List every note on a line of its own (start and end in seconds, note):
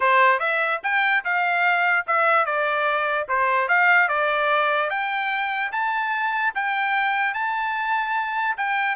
0.00 0.39 C5
0.39 0.80 E5
0.83 1.24 G5
1.24 2.06 F5
2.06 2.45 E5
2.45 3.27 D5
3.28 3.68 C5
3.68 4.08 F5
4.08 4.89 D5
4.89 5.71 G5
5.72 6.53 A5
6.54 7.34 G5
7.34 8.56 A5
8.57 8.95 G5